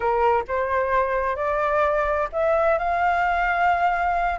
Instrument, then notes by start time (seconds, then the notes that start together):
flute
0.00 A#4
0.47 C5
1.36 D5
2.32 E5
2.78 F5